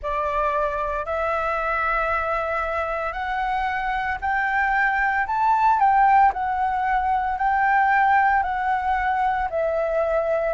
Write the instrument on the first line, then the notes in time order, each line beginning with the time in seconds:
flute
0.02 D5
1.05 E5
3.12 F#5
4.21 G5
5.26 A5
5.79 G5
6.33 F#5
7.37 G5
8.43 F#5
9.50 E5